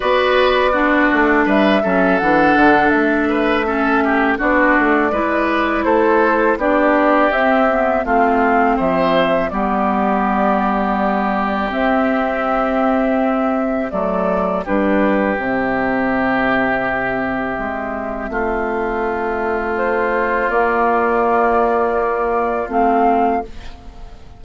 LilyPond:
<<
  \new Staff \with { instrumentName = "flute" } { \time 4/4 \tempo 4 = 82 d''2 e''4 fis''4 | e''2 d''2 | c''4 d''4 e''4 f''4 | e''4 d''2. |
e''2. d''4 | b'4 e''2.~ | e''2. c''4 | d''2. f''4 | }
  \new Staff \with { instrumentName = "oboe" } { \time 4/4 b'4 fis'4 b'8 a'4.~ | a'8 b'8 a'8 g'8 fis'4 b'4 | a'4 g'2 f'4 | c''4 g'2.~ |
g'2. a'4 | g'1~ | g'4 f'2.~ | f'1 | }
  \new Staff \with { instrumentName = "clarinet" } { \time 4/4 fis'4 d'4. cis'8 d'4~ | d'4 cis'4 d'4 e'4~ | e'4 d'4 c'8 b8 c'4~ | c'4 b2. |
c'2. a4 | d'4 c'2.~ | c'1 | ais2. c'4 | }
  \new Staff \with { instrumentName = "bassoon" } { \time 4/4 b4. a8 g8 fis8 e8 d8 | a2 b8 a8 gis4 | a4 b4 c'4 a4 | f4 g2. |
c'2. fis4 | g4 c2. | gis4 a2. | ais2. a4 | }
>>